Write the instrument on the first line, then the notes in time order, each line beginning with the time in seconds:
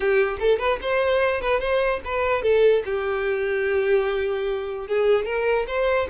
violin
0.00 G4
0.39 A4
0.58 B4
0.81 C5
1.41 B4
1.60 C5
2.05 B4
2.42 A4
2.85 G4
4.87 G#4
5.25 A#4
5.67 C5